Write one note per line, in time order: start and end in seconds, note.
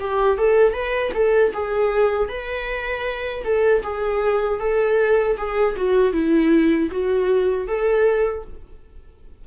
0.00 0.38 G4
0.38 0.74 A4
0.74 1.12 B4
1.14 1.53 A4
1.53 2.29 G#4
2.29 3.44 B4
3.44 3.83 A4
3.83 4.60 G#4
4.60 5.37 A4
5.37 5.76 G#4
5.76 6.13 F#4
6.13 6.90 E4
6.91 7.67 F#4
7.67 8.44 A4